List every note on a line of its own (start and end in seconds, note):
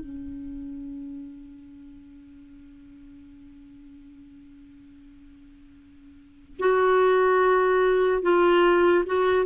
0.00 6.58 C#4
6.59 8.22 F#4
8.22 9.04 F4
9.06 9.46 F#4